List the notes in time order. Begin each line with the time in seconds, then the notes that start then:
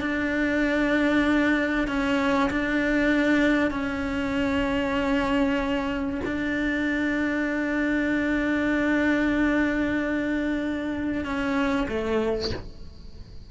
0.00 D4
1.87 C#4
2.50 D4
3.71 C#4
6.25 D4
11.24 C#4
11.88 A3